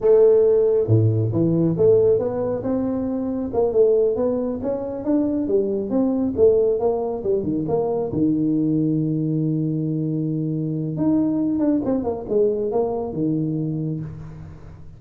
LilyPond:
\new Staff \with { instrumentName = "tuba" } { \time 4/4 \tempo 4 = 137 a2 a,4 e4 | a4 b4 c'2 | ais8 a4 b4 cis'4 d'8~ | d'8 g4 c'4 a4 ais8~ |
ais8 g8 dis8 ais4 dis4.~ | dis1~ | dis4 dis'4. d'8 c'8 ais8 | gis4 ais4 dis2 | }